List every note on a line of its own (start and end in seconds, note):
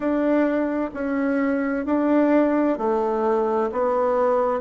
0.00 0.90 D4
0.94 1.85 C#4
1.85 2.77 D4
2.77 3.70 A3
3.72 4.60 B3